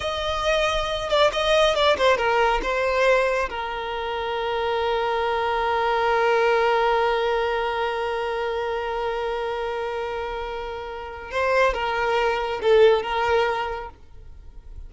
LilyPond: \new Staff \with { instrumentName = "violin" } { \time 4/4 \tempo 4 = 138 dis''2~ dis''8 d''8 dis''4 | d''8 c''8 ais'4 c''2 | ais'1~ | ais'1~ |
ais'1~ | ais'1~ | ais'2 c''4 ais'4~ | ais'4 a'4 ais'2 | }